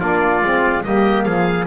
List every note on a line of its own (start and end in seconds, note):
0.00 0.42 A#3
0.00 0.42 D4
0.00 0.84 F4
0.00 0.83 D5
0.42 0.84 G#3
0.42 0.84 C4
0.84 1.26 G3
0.84 1.67 A#3
0.84 1.26 G4
0.84 1.24 D#5
1.24 1.67 F3
1.24 1.67 G#4
1.24 1.66 F5